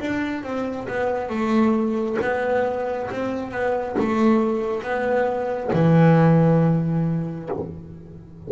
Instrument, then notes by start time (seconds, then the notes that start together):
double bass
0.00 D4
0.43 C4
0.88 B3
1.29 A3
2.21 B3
3.11 C4
3.51 B3
3.99 A3
4.83 B3
5.74 E3